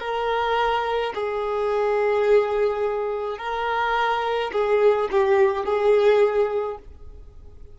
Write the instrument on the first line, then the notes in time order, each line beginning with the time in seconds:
violin
0.00 A#4
1.15 G#4
3.38 A#4
4.53 G#4
5.11 G4
5.65 G#4